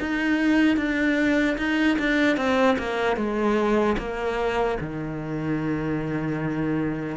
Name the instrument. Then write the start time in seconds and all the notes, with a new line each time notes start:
cello
0.00 D#4
0.77 D4
1.58 D#4
1.99 D4
2.37 C4
2.79 A#3
3.17 G#3
3.98 A#3
4.81 D#3